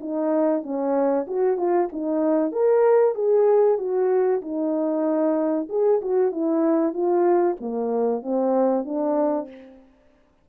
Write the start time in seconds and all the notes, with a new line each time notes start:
0.00 D#4
0.63 C#4
1.27 F#4
1.57 F4
1.92 D#4
2.52 A#4
3.15 G#4
3.78 F#4
4.42 D#4
5.69 G#4
6.01 F#4
6.32 E4
6.93 F4
7.60 A#3
8.22 C4
8.84 D4